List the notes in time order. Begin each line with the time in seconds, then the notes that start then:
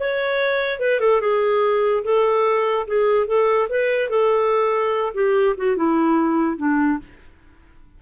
0.00 C#5
0.80 B4
1.01 A4
1.21 G#4
2.04 A4
2.88 G#4
3.27 A4
3.70 B4
4.10 A4
5.15 G4
5.58 F#4
5.77 E4
6.58 D4